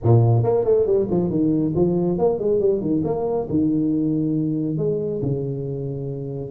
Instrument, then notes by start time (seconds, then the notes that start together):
tuba
0.03 A#2
0.43 A#3
0.64 A3
0.86 G3
1.10 F3
1.30 D#3
1.75 F3
2.18 A#3
2.38 G#3
2.59 G3
2.81 D#3
3.04 A#3
3.49 D#3
4.77 G#3
5.22 C#3